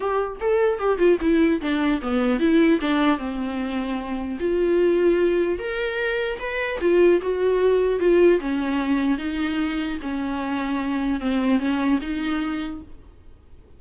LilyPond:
\new Staff \with { instrumentName = "viola" } { \time 4/4 \tempo 4 = 150 g'4 a'4 g'8 f'8 e'4 | d'4 b4 e'4 d'4 | c'2. f'4~ | f'2 ais'2 |
b'4 f'4 fis'2 | f'4 cis'2 dis'4~ | dis'4 cis'2. | c'4 cis'4 dis'2 | }